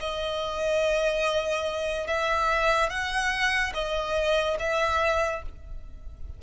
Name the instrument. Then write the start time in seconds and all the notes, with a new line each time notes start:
violin
0.00 D#5
2.08 E5
2.90 F#5
3.74 D#5
4.59 E5